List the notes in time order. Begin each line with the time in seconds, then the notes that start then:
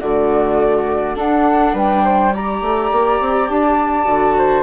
0.00 D3 A3 F#4 D5
1.15 D4 A4 F#5
1.73 G3 B4 G5
2.04 C5
2.33 G4 D5 A#5
2.61 A3
2.91 A#3
3.20 C4
3.49 D4 A5
4.05 D3 F#4
4.37 C5